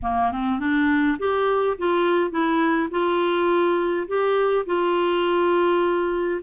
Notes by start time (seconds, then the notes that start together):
0.02 A#3
0.31 C4
0.59 D4
1.18 G4
1.77 F4
2.30 E4
2.90 F4
4.07 G4
4.65 F4